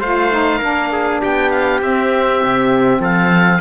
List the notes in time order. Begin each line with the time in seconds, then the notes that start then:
0.00 A3 F4 C5 F5
0.31 D#4
0.59 A#3 D4 A#4
0.92 G#4
1.21 B3 G4 G5
1.51 F5
1.81 C4 E5
2.44 C3
2.99 F3 A4 F5